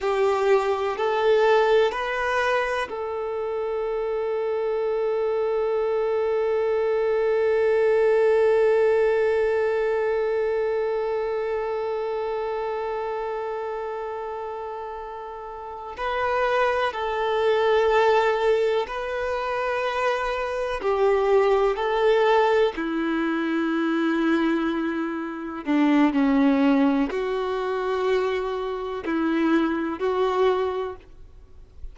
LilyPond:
\new Staff \with { instrumentName = "violin" } { \time 4/4 \tempo 4 = 62 g'4 a'4 b'4 a'4~ | a'1~ | a'1~ | a'1~ |
a'8 b'4 a'2 b'8~ | b'4. g'4 a'4 e'8~ | e'2~ e'8 d'8 cis'4 | fis'2 e'4 fis'4 | }